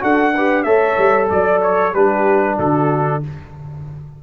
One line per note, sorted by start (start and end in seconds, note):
0.00 0.65 D4
0.00 0.32 F#4
0.00 0.34 A4
0.00 0.63 F#5
0.34 0.65 G4
0.34 0.65 B4
0.63 0.97 A3
0.63 1.93 A4
0.63 1.29 C#5
0.63 1.27 E5
0.97 1.29 G3
1.29 1.94 F#3
1.29 1.61 D5
1.29 1.92 D5
1.62 1.94 C#5
1.92 2.57 G3
1.92 3.23 D4
1.92 2.56 G4
1.92 2.58 B4
2.58 3.22 D3
2.58 3.22 F#4
2.58 3.23 A4